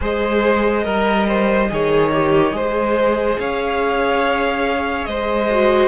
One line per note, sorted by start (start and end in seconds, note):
0.00 0.85 G#3
0.00 0.83 G#4
0.00 0.84 C5
0.00 3.39 D#5
0.83 1.70 G3
0.83 1.67 A#4
0.83 1.26 A#4
1.27 1.70 C5
1.70 2.52 D#3
1.70 2.12 G#4
1.70 2.56 C#5
2.13 2.52 G4
2.52 3.37 G#3
2.52 5.48 G#4
2.52 3.40 C5
3.39 5.06 C#4
3.39 5.09 C#5
3.39 5.05 F5
5.05 5.88 G#3
5.05 5.88 C5
5.05 5.88 D#5
5.50 5.88 F#4